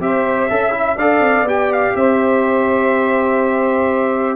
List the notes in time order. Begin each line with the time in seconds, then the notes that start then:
0.00 C4 G4 C5 E5
0.49 C#4 A4 E5
0.71 E4
0.96 D4 A4 D5 F5
1.20 C4
1.42 B3 G4 G5
1.73 F5
1.95 C4 C5 E5